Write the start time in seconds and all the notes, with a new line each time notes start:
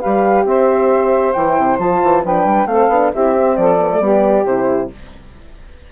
0.00 G3 G4 B4 F5
0.45 C4 C5 E5
1.33 E3 E4 G5
1.58 C3
1.79 F3 F4 A5
2.03 E3
2.24 F3 D4 B4 G5
2.44 G3
2.66 A3 C4 A4 F5
2.88 B3 D4
3.12 C4 E4 G4 E5
3.34 C4
3.57 F3 A4 D5
3.79 B3
3.90 A3
4.00 G3 B3 G4
4.45 C3 E4 C5